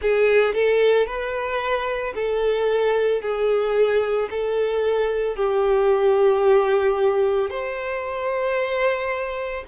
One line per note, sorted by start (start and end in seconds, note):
0.01 0.54 G#4
0.54 1.06 A4
1.06 2.13 B4
2.14 3.21 A4
3.21 4.29 G#4
4.30 5.36 A4
5.36 7.50 G4
7.50 9.64 C5